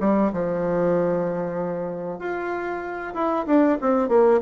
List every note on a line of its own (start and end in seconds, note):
0.00 0.32 G3
0.32 2.19 F3
2.19 3.13 F4
3.14 3.45 E4
3.46 3.78 D4
3.81 4.08 C4
4.08 4.40 A#3